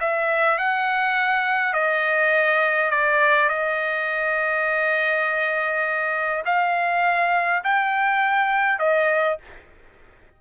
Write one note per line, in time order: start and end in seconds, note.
0.00 0.58 E5
0.58 1.73 F#5
1.73 2.90 D#5
2.90 3.49 D5
3.49 6.43 D#5
6.45 7.63 F5
7.63 8.79 G5
8.79 9.38 D#5